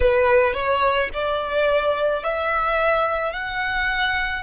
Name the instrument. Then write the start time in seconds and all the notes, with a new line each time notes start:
violin
0.00 B4
0.54 C#5
1.13 D5
2.23 E5
3.32 F#5